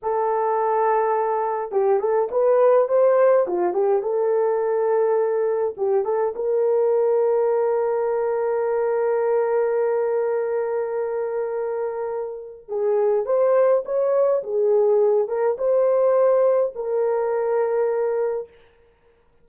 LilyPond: \new Staff \with { instrumentName = "horn" } { \time 4/4 \tempo 4 = 104 a'2. g'8 a'8 | b'4 c''4 f'8 g'8 a'4~ | a'2 g'8 a'8 ais'4~ | ais'1~ |
ais'1~ | ais'2 gis'4 c''4 | cis''4 gis'4. ais'8 c''4~ | c''4 ais'2. | }